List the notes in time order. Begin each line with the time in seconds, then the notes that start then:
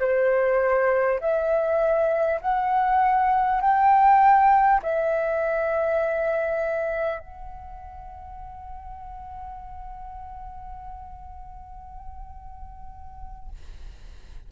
0.00 C5
1.21 E5
2.41 F#5
3.61 G5
4.83 E5
7.19 F#5